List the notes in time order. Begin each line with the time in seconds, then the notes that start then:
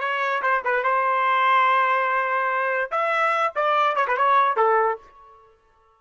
0.00 C#5
0.43 C5
0.65 B4
0.84 C5
2.91 E5
3.56 D5
3.96 C#5
4.08 B4
4.17 C#5
4.57 A4